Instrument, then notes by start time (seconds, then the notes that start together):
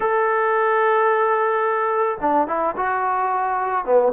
trombone
0.00 A4
2.20 D4
2.47 E4
2.76 F#4
3.85 B3